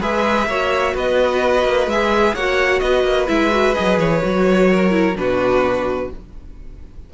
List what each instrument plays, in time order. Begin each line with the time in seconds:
0.00 cello G#3, viola G#4, violin B4 E5
0.46 cello A#3, viola F#4, violin C#5
0.94 cello B3, violin B4 D#5
1.64 cello A#3
1.86 cello G#3, violin E5
1.92 viola G#4
2.33 cello A#3, viola F#4, violin C#5 F#5
2.79 cello B3, violin B4 D#5
3.03 cello A#3
3.27 cello G#3, viola E4, violin E5
3.50 viola F#4
3.74 cello F#3, viola G#4, violin D#5
3.98 cello E3, violin C#5
4.21 cello F#3, viola F#4
4.70 violin A#4
4.90 viola E4
5.15 cello B2, viola D4, violin F#4 B4